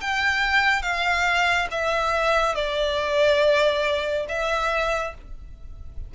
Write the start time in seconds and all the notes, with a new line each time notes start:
0.00 G5
0.82 F5
1.71 E5
2.55 D5
4.29 E5